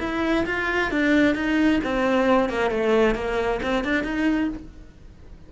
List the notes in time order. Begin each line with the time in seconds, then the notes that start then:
0.00 E4
0.46 F4
0.91 D4
1.35 D#4
1.84 C4
2.50 A#3
2.71 A3
3.15 A#3
3.63 C4
3.85 D4
4.04 D#4